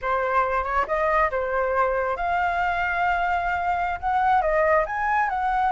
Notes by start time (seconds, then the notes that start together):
0.01 C5
0.64 C#5
0.87 D#5
1.30 C5
2.16 F5
4.00 F#5
4.41 D#5
4.86 G#5
5.29 F#5